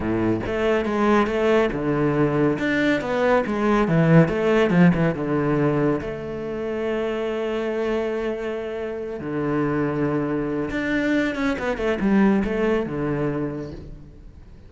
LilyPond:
\new Staff \with { instrumentName = "cello" } { \time 4/4 \tempo 4 = 140 a,4 a4 gis4 a4 | d2 d'4 b4 | gis4 e4 a4 f8 e8 | d2 a2~ |
a1~ | a4. d2~ d8~ | d4 d'4. cis'8 b8 a8 | g4 a4 d2 | }